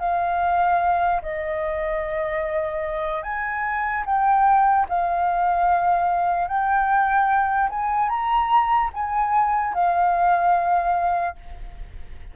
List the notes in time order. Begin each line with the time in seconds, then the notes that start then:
0.00 F5
1.22 D#5
3.23 G#5
4.06 G5
4.89 F5
6.48 G5
7.70 G#5
8.09 A#5
8.94 G#5
9.74 F5